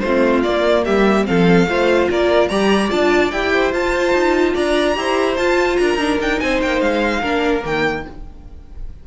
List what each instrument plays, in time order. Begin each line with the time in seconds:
0.00 cello A3, viola C4, violin F4 C5
0.43 cello A#3, viola A#3, violin D5
0.85 cello G3, violin G4 E5
1.25 cello F3, viola C4, violin A4 F5
1.67 cello A3, viola F4, violin C5
2.10 cello A#3, violin A#4 D5
2.49 cello G3, viola G4, violin D5 A#5
2.90 cello D4, viola F4, violin A5
3.31 cello E4, viola G4, violin G5
3.53 violin C5
3.73 cello F4, viola F4, violin A5
4.13 cello D#4
4.54 cello D4, violin D5 A#5
4.95 cello E4, viola G4, violin C5
5.37 cello F4, viola F4, violin A5
5.77 cello D4, violin A#4 A#5
5.95 viola D4, cello D#4
6.19 cello D4, viola D#4, violin G5
6.40 cello C4, violin C5 G#5
6.62 cello A#3, violin G5
6.81 cello G#3, violin F5
7.20 cello A#3, viola D4, violin A#4
7.62 cello D#3, viola A#3, violin G5